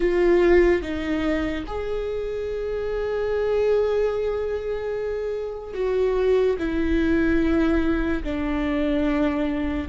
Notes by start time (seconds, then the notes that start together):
0.00 F4
0.82 D#4
1.66 G#4
5.73 F#4
6.58 E4
8.23 D4